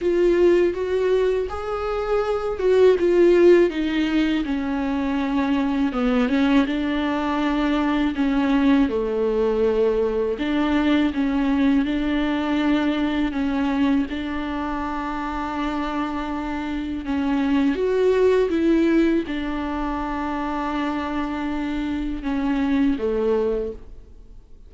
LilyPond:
\new Staff \with { instrumentName = "viola" } { \time 4/4 \tempo 4 = 81 f'4 fis'4 gis'4. fis'8 | f'4 dis'4 cis'2 | b8 cis'8 d'2 cis'4 | a2 d'4 cis'4 |
d'2 cis'4 d'4~ | d'2. cis'4 | fis'4 e'4 d'2~ | d'2 cis'4 a4 | }